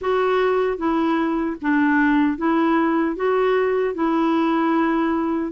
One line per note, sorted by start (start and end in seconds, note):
0.01 0.77 F#4
0.77 1.56 E4
1.61 2.37 D4
2.37 3.15 E4
3.15 3.94 F#4
3.94 5.52 E4